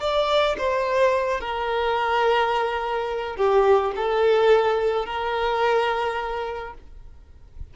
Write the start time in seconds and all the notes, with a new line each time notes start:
0.00 D5
0.58 C5
1.40 A#4
3.36 G4
3.96 A4
5.05 A#4